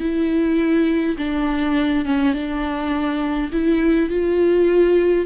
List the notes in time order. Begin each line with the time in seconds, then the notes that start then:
0.00 E4
1.18 D4
2.05 C#4
2.34 D4
3.52 E4
4.10 F4